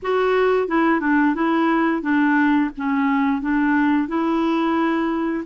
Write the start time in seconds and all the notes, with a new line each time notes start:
0.02 F#4
0.68 E4
1.00 D4
1.35 E4
2.02 D4
2.77 C#4
3.41 D4
4.08 E4